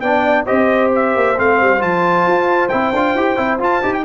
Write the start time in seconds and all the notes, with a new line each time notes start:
0.00 B3 D4 D5 G5
0.45 C4 G4 C5 D#5
0.95 E5
1.16 A#3
1.37 A3 C4 F5
1.60 G3
1.79 F3 F4 A5
2.27 F4
2.68 C4 E4 G5
2.92 D4 F4
3.14 E4 G4
3.36 C4 E4
3.59 F4 A5
3.82 D#4 G4
3.94 G5